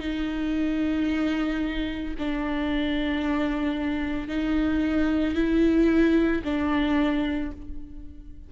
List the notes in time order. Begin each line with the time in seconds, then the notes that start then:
0.00 D#4
2.19 D4
4.29 D#4
5.35 E4
6.45 D4